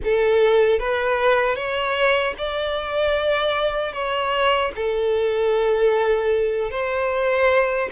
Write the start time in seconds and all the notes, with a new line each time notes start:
0.04 A4
0.79 B4
1.55 C#5
2.38 D5
3.92 C#5
4.75 A4
6.70 C5